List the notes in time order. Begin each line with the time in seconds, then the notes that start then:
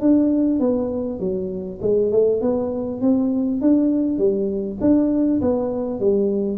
0.00 D4
0.59 B3
1.19 F#3
1.81 G#3
2.11 A3
2.41 B3
3.01 C4
3.61 D4
4.18 G3
4.81 D4
5.41 B3
5.99 G3